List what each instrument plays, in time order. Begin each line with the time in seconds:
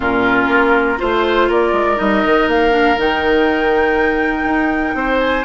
0.00 bassoon A#2, clarinet C#4, oboe F4, flute A#4
0.48 bassoon A#3
0.97 bassoon A3, clarinet F4, oboe C5, flute C5
1.48 bassoon A#3, oboe A#4, flute D5
1.72 bassoon G#3
1.96 bassoon G3, clarinet D#4, flute D#5
2.24 bassoon D#3
2.47 bassoon A#3, flute F5
2.70 clarinet D4
2.97 bassoon D#3, clarinet D#4, flute G5
4.43 bassoon D#4
4.94 bassoon C4, oboe C5
5.19 flute G#5